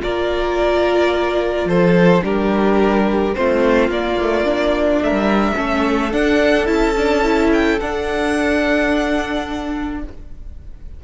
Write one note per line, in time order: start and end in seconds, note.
0.00 1.65 A#3
0.00 2.21 F4
0.00 1.67 A#4
0.00 1.68 D5
1.65 2.20 F3
1.65 2.23 A4
1.65 2.23 C5
2.21 3.35 G3
2.21 3.32 D4
2.21 3.36 G4
2.21 3.34 A#4
3.34 3.89 A3
3.34 3.92 C4
3.34 5.03 F4
3.34 3.90 C5
3.89 5.00 A#3
3.89 4.19 A#3
3.89 5.02 D5
4.21 4.44 A3
4.44 5.55 D4
5.01 5.11 A3
5.01 5.55 A#4
5.01 6.12 E5
5.11 5.53 G3
5.55 6.13 A3
5.55 6.11 C#4
5.55 9.99 A4
6.11 6.65 D4
6.11 6.68 D4
6.11 6.66 F#5
6.65 7.79 C#4
6.65 6.93 E4
6.65 7.50 A5
6.97 7.23 D4
7.23 7.79 E4
7.52 7.80 G5
7.80 10.03 D4
7.80 10.02 F#5